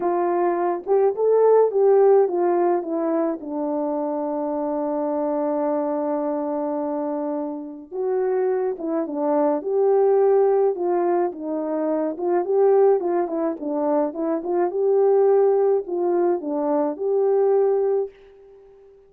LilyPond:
\new Staff \with { instrumentName = "horn" } { \time 4/4 \tempo 4 = 106 f'4. g'8 a'4 g'4 | f'4 e'4 d'2~ | d'1~ | d'2 fis'4. e'8 |
d'4 g'2 f'4 | dis'4. f'8 g'4 f'8 e'8 | d'4 e'8 f'8 g'2 | f'4 d'4 g'2 | }